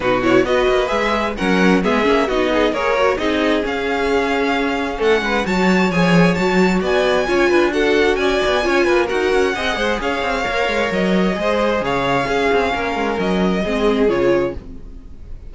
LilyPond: <<
  \new Staff \with { instrumentName = "violin" } { \time 4/4 \tempo 4 = 132 b'8 cis''8 dis''4 e''4 fis''4 | e''4 dis''4 cis''4 dis''4 | f''2. fis''4 | a''4 gis''4 a''4 gis''4~ |
gis''4 fis''4 gis''2 | fis''2 f''2 | dis''2 f''2~ | f''4 dis''2 cis''4 | }
  \new Staff \with { instrumentName = "violin" } { \time 4/4 fis'4 b'2 ais'4 | gis'4 fis'8 gis'8 ais'4 gis'4~ | gis'2. a'8 b'8 | cis''2. d''4 |
cis''8 b'8 a'4 d''4 cis''8 b'8 | ais'4 dis''8 c''8 cis''2~ | cis''4 c''4 cis''4 gis'4 | ais'2 gis'2 | }
  \new Staff \with { instrumentName = "viola" } { \time 4/4 dis'8 e'8 fis'4 gis'4 cis'4 | b8 cis'8 dis'4 gis'8 fis'8 dis'4 | cis'1 | fis'4 gis'4 fis'2 |
f'4 fis'2 f'4 | fis'4 gis'2 ais'4~ | ais'4 gis'2 cis'4~ | cis'2 c'4 f'4 | }
  \new Staff \with { instrumentName = "cello" } { \time 4/4 b,4 b8 ais8 gis4 fis4 | gis8 ais8 b4 ais4 c'4 | cis'2. a8 gis8 | fis4 f4 fis4 b4 |
cis'8 d'4. cis'8 b8 cis'8 ais8 | dis'8 cis'8 c'8 gis8 cis'8 c'8 ais8 gis8 | fis4 gis4 cis4 cis'8 c'8 | ais8 gis8 fis4 gis4 cis4 | }
>>